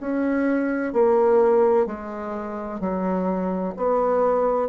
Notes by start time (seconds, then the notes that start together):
0.00 C#4
0.93 A#3
1.86 G#3
2.80 F#3
3.76 B3